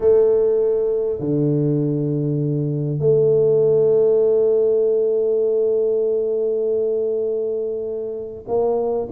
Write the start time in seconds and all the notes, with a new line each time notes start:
0.00 A3
1.19 D3
2.99 A3
8.47 A#3